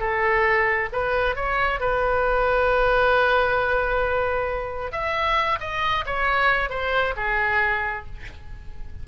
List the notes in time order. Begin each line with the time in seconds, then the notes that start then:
0.00 A4
0.93 B4
1.36 C#5
1.80 B4
4.92 E5
5.60 D#5
6.06 C#5
6.70 C5
7.17 G#4